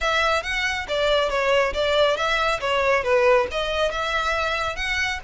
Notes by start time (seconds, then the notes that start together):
0.01 E5
0.42 F#5
0.88 D5
1.29 C#5
1.73 D5
2.16 E5
2.60 C#5
3.03 B4
3.51 D#5
3.91 E5
4.76 F#5